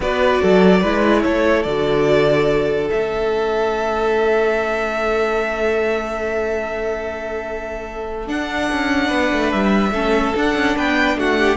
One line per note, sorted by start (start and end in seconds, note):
0.00 0.41 B3
0.00 0.83 F#4
0.00 0.41 B4
0.00 1.22 D5
0.41 0.83 F#3
0.41 0.80 A4
0.80 1.25 G#3
0.80 1.66 E4
0.80 1.22 B4
1.22 1.65 A3
1.22 9.07 A4
1.22 1.63 C#5
1.63 2.89 D3
1.63 2.90 F#4
1.63 2.87 D5
2.90 8.29 A3
2.90 8.26 C#4
2.90 8.27 E5
8.26 9.92 D4
8.26 8.70 D4
8.26 9.52 F#5
8.72 9.11 C#4
9.07 9.31 B3
9.07 9.89 B4
9.32 9.52 A3
9.52 9.91 G3
9.52 10.34 E5
9.91 10.33 A3
9.91 10.35 C#4
9.91 10.76 A4
10.35 11.57 D4
10.35 10.55 D4
10.35 10.77 F#5
10.55 10.76 C#4
10.76 11.15 B3
10.76 11.17 B4
10.76 11.18 G5
11.15 11.57 A3
11.15 11.38 F#4
11.15 11.57 F#5
11.38 11.57 G4